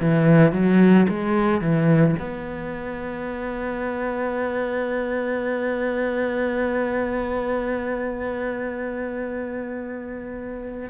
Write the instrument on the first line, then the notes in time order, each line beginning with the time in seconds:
cello
0.00 E3
0.53 F#3
1.09 G#3
1.61 E3
2.19 B3